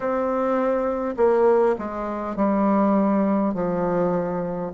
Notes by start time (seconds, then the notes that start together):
0.00 C4
1.17 A#3
1.78 G#3
2.36 G3
3.53 F3